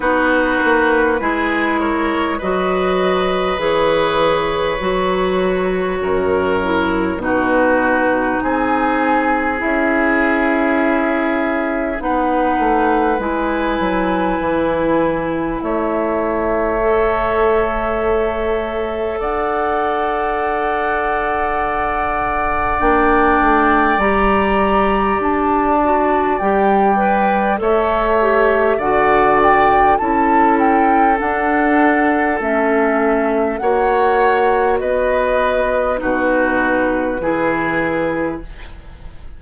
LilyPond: <<
  \new Staff \with { instrumentName = "flute" } { \time 4/4 \tempo 4 = 50 b'4. cis''8 dis''4 cis''4~ | cis''2 b'4 gis''4 | e''2 fis''4 gis''4~ | gis''4 e''2. |
fis''2. g''4 | ais''4 a''4 g''4 e''4 | fis''8 g''8 a''8 g''8 fis''4 e''4 | fis''4 dis''4 b'2 | }
  \new Staff \with { instrumentName = "oboe" } { \time 4/4 fis'4 gis'8 ais'8 b'2~ | b'4 ais'4 fis'4 gis'4~ | gis'2 b'2~ | b'4 cis''2. |
d''1~ | d''2. cis''4 | d''4 a'2. | cis''4 b'4 fis'4 gis'4 | }
  \new Staff \with { instrumentName = "clarinet" } { \time 4/4 dis'4 e'4 fis'4 gis'4 | fis'4. e'8 dis'2 | e'2 dis'4 e'4~ | e'2 a'2~ |
a'2. d'4 | g'4. fis'8 g'8 b'8 a'8 g'8 | fis'4 e'4 d'4 cis'4 | fis'2 dis'4 e'4 | }
  \new Staff \with { instrumentName = "bassoon" } { \time 4/4 b8 ais8 gis4 fis4 e4 | fis4 fis,4 b,4 c'4 | cis'2 b8 a8 gis8 fis8 | e4 a2. |
d'2. ais8 a8 | g4 d'4 g4 a4 | d4 cis'4 d'4 a4 | ais4 b4 b,4 e4 | }
>>